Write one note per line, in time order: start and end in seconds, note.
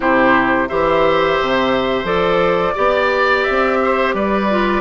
0.00 0.68 C3
0.00 0.68 E4
0.00 0.68 G4
0.00 0.68 C5
0.68 1.39 E3
0.68 2.05 G4
0.68 2.74 C5
0.68 2.06 E5
1.41 2.03 C3
2.03 2.72 F3
2.03 2.74 A4
2.03 3.43 D5
2.74 3.46 B3
2.74 4.47 G4
2.74 3.77 D5
3.43 4.12 E5
3.49 4.14 C4
3.84 4.14 C5
4.14 4.81 G3
4.14 4.81 B4
4.14 4.81 D5
4.49 4.81 F4